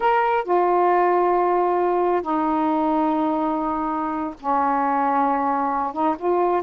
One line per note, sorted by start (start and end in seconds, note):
0.00 0.44 A#4
0.44 2.21 F4
2.21 4.34 D#4
4.40 5.93 C#4
5.93 6.15 D#4
6.18 6.62 F4